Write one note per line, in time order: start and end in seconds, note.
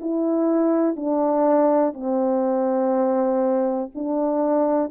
0.00 0.96 E4
0.96 1.93 D4
1.93 3.90 C4
3.94 4.91 D4